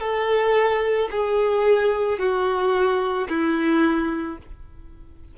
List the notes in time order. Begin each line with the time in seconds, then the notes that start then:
0.00 A4
1.11 G#4
2.20 F#4
3.29 E4